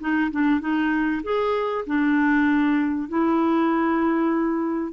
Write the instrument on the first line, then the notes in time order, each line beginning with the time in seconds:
clarinet
0.00 D#4
0.31 D4
0.60 D#4
1.23 G#4
1.86 D4
3.08 E4